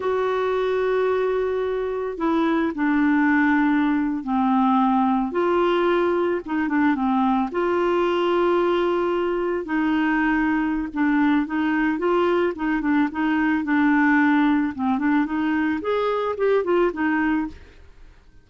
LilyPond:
\new Staff \with { instrumentName = "clarinet" } { \time 4/4 \tempo 4 = 110 fis'1 | e'4 d'2~ d'8. c'16~ | c'4.~ c'16 f'2 dis'16~ | dis'16 d'8 c'4 f'2~ f'16~ |
f'4.~ f'16 dis'2~ dis'16 | d'4 dis'4 f'4 dis'8 d'8 | dis'4 d'2 c'8 d'8 | dis'4 gis'4 g'8 f'8 dis'4 | }